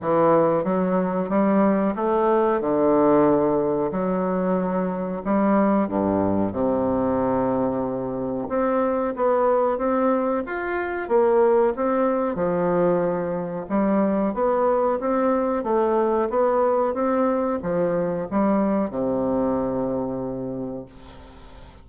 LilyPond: \new Staff \with { instrumentName = "bassoon" } { \time 4/4 \tempo 4 = 92 e4 fis4 g4 a4 | d2 fis2 | g4 g,4 c2~ | c4 c'4 b4 c'4 |
f'4 ais4 c'4 f4~ | f4 g4 b4 c'4 | a4 b4 c'4 f4 | g4 c2. | }